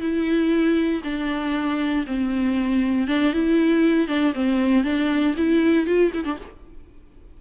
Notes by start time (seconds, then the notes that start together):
0.00 E4
1.03 D4
2.06 C4
3.07 D4
3.33 E4
4.07 D4
4.34 C4
4.84 D4
5.37 E4
5.86 F4
6.14 E4
6.24 D4